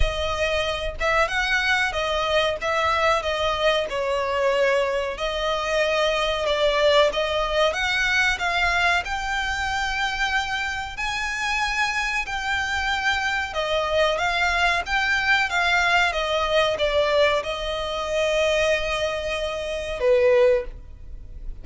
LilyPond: \new Staff \with { instrumentName = "violin" } { \time 4/4 \tempo 4 = 93 dis''4. e''8 fis''4 dis''4 | e''4 dis''4 cis''2 | dis''2 d''4 dis''4 | fis''4 f''4 g''2~ |
g''4 gis''2 g''4~ | g''4 dis''4 f''4 g''4 | f''4 dis''4 d''4 dis''4~ | dis''2. b'4 | }